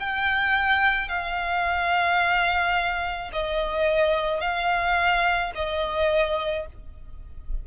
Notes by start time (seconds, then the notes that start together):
0.00 G5
1.09 F5
3.33 D#5
4.41 F5
5.55 D#5